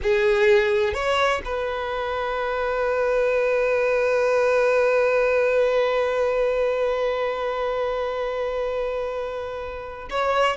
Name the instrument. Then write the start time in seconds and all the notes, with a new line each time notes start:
violin
0.02 G#4
0.93 C#5
1.44 B4
10.10 C#5